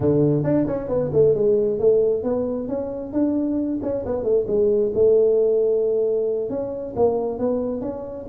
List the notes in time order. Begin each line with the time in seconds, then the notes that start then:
0.00 D3
0.43 D4
0.67 C#4
0.88 B3
1.12 A3
1.34 G#3
1.79 A3
2.23 B3
2.68 C#4
3.13 D4
3.82 C#4
4.05 B3
4.23 A3
4.47 G#3
4.94 A3
6.49 C#4
6.96 A#3
7.38 B3
7.81 C#4